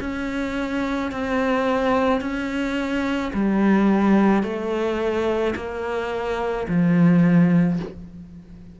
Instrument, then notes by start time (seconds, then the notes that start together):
cello
0.00 C#4
1.11 C4
2.21 C#4
3.33 G3
4.43 A3
5.56 A#3
6.68 F3